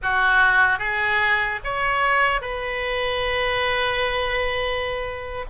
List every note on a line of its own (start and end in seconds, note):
0.02 0.78 F#4
0.78 1.59 G#4
1.64 2.41 C#5
2.41 5.45 B4